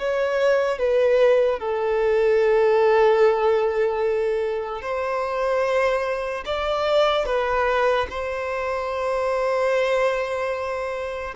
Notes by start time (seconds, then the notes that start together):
0.00 C#5
0.79 B4
1.60 A4
4.82 C5
6.46 D5
7.26 B4
8.10 C5